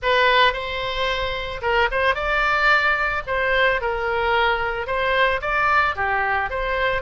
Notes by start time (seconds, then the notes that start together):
0.02 B4
0.53 C5
1.61 A#4
1.91 C5
2.14 D5
3.27 C5
3.81 A#4
4.86 C5
5.41 D5
5.95 G4
6.50 C5